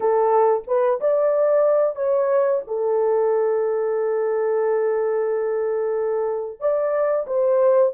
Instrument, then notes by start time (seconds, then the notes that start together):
horn
0.00 A4
0.67 B4
1.00 D5
1.95 C#5
2.67 A4
6.59 D5
7.26 C5